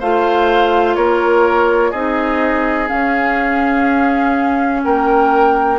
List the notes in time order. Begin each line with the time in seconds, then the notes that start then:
0.00 A3 F4 C5 F5
0.96 A#3 A#4 C#5
1.92 C4 D#4 G#4 D#5
2.89 C#4 F5
4.84 A#3 A#4 G5